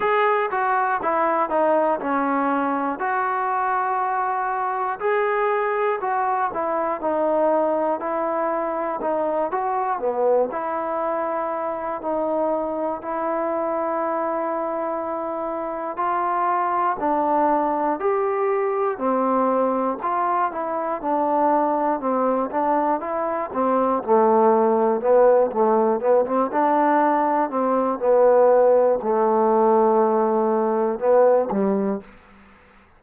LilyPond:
\new Staff \with { instrumentName = "trombone" } { \time 4/4 \tempo 4 = 60 gis'8 fis'8 e'8 dis'8 cis'4 fis'4~ | fis'4 gis'4 fis'8 e'8 dis'4 | e'4 dis'8 fis'8 b8 e'4. | dis'4 e'2. |
f'4 d'4 g'4 c'4 | f'8 e'8 d'4 c'8 d'8 e'8 c'8 | a4 b8 a8 b16 c'16 d'4 c'8 | b4 a2 b8 g8 | }